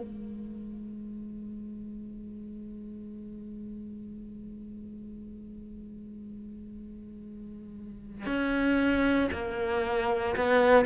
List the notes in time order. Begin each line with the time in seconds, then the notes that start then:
0.00 G#3
8.26 C#4
9.32 A#3
10.36 B3